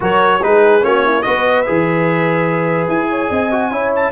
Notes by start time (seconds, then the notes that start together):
0.00 F#3 F#4 A#4 C#5
0.42 G#3 D#4 G#4 B4
0.81 A#3 C#4 F#4 C#5
1.04 E4
1.22 B3 F#4 B4 D#5
1.62 G#4 E5
1.68 E3
2.87 E4 G#5
3.09 C#5
3.28 C4 D#5
3.51 F#4
3.71 C#4 E4 C#5
3.95 A5